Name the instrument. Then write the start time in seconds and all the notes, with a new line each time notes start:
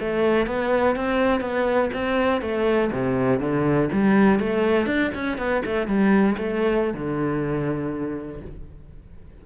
cello
0.00 A3
0.46 B3
0.95 C4
1.40 B3
1.93 C4
2.41 A3
2.91 C3
3.39 D3
3.92 G3
4.39 A3
4.86 D4
5.14 C#4
5.37 B3
5.65 A3
5.87 G3
6.37 A3
6.94 D3